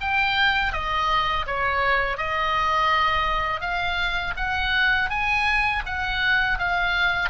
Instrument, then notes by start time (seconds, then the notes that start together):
oboe
0.00 G5
0.72 D#5
1.46 C#5
2.17 D#5
3.60 F5
4.36 F#5
5.09 G#5
5.85 F#5
6.58 F5